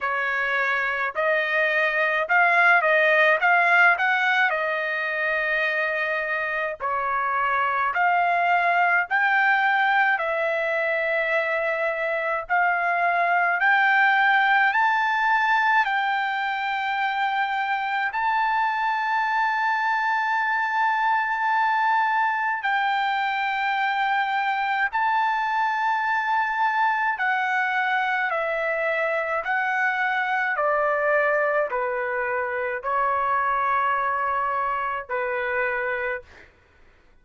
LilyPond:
\new Staff \with { instrumentName = "trumpet" } { \time 4/4 \tempo 4 = 53 cis''4 dis''4 f''8 dis''8 f''8 fis''8 | dis''2 cis''4 f''4 | g''4 e''2 f''4 | g''4 a''4 g''2 |
a''1 | g''2 a''2 | fis''4 e''4 fis''4 d''4 | b'4 cis''2 b'4 | }